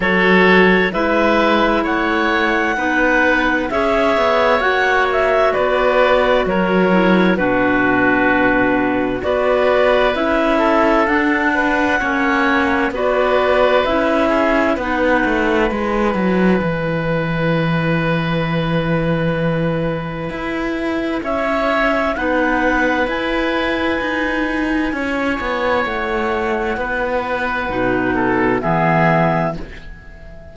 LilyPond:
<<
  \new Staff \with { instrumentName = "clarinet" } { \time 4/4 \tempo 4 = 65 cis''4 e''4 fis''2 | e''4 fis''8 e''8 d''4 cis''4 | b'2 d''4 e''4 | fis''2 d''4 e''4 |
fis''4 gis''2.~ | gis''2. e''4 | fis''4 gis''2. | fis''2. e''4 | }
  \new Staff \with { instrumentName = "oboe" } { \time 4/4 a'4 b'4 cis''4 b'4 | cis''2 b'4 ais'4 | fis'2 b'4. a'8~ | a'8 b'8 cis''4 b'4. gis'8 |
b'1~ | b'2. cis''4 | b'2. cis''4~ | cis''4 b'4. a'8 gis'4 | }
  \new Staff \with { instrumentName = "clarinet" } { \time 4/4 fis'4 e'2 dis'4 | gis'4 fis'2~ fis'8 e'8 | d'2 fis'4 e'4 | d'4 cis'4 fis'4 e'4 |
dis'4 e'2.~ | e'1 | dis'4 e'2.~ | e'2 dis'4 b4 | }
  \new Staff \with { instrumentName = "cello" } { \time 4/4 fis4 gis4 a4 b4 | cis'8 b8 ais4 b4 fis4 | b,2 b4 cis'4 | d'4 ais4 b4 cis'4 |
b8 a8 gis8 fis8 e2~ | e2 e'4 cis'4 | b4 e'4 dis'4 cis'8 b8 | a4 b4 b,4 e4 | }
>>